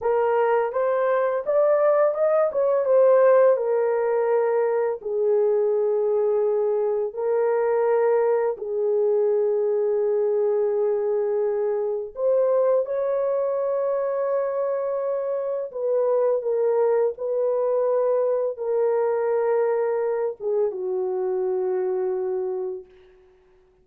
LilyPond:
\new Staff \with { instrumentName = "horn" } { \time 4/4 \tempo 4 = 84 ais'4 c''4 d''4 dis''8 cis''8 | c''4 ais'2 gis'4~ | gis'2 ais'2 | gis'1~ |
gis'4 c''4 cis''2~ | cis''2 b'4 ais'4 | b'2 ais'2~ | ais'8 gis'8 fis'2. | }